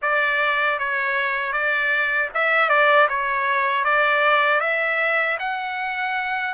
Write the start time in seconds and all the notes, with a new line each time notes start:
0.01 D5
0.78 C#5
1.52 D5
2.34 E5
2.69 D5
3.08 C#5
3.84 D5
4.60 E5
5.38 F#5